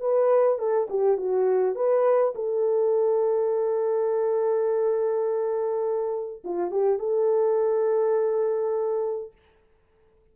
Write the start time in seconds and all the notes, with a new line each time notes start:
0.00 B4
0.58 A4
0.89 G4
1.17 F#4
1.75 B4
2.35 A4
6.44 F4
6.71 G4
6.98 A4